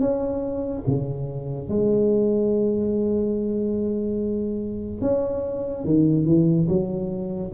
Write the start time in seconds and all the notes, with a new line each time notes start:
0.00 C#4
0.87 C#3
1.69 G#3
5.01 C#4
5.84 D#3
6.25 E3
6.69 F#3